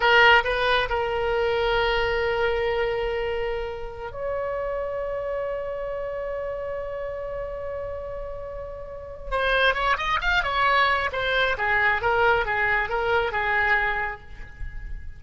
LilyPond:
\new Staff \with { instrumentName = "oboe" } { \time 4/4 \tempo 4 = 135 ais'4 b'4 ais'2~ | ais'1~ | ais'4~ ais'16 cis''2~ cis''8.~ | cis''1~ |
cis''1~ | cis''4 c''4 cis''8 dis''8 f''8 cis''8~ | cis''4 c''4 gis'4 ais'4 | gis'4 ais'4 gis'2 | }